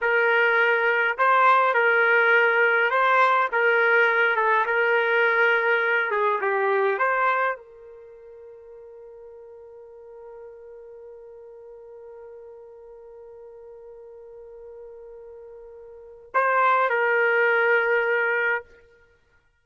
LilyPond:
\new Staff \with { instrumentName = "trumpet" } { \time 4/4 \tempo 4 = 103 ais'2 c''4 ais'4~ | ais'4 c''4 ais'4. a'8 | ais'2~ ais'8 gis'8 g'4 | c''4 ais'2.~ |
ais'1~ | ais'1~ | ais'1 | c''4 ais'2. | }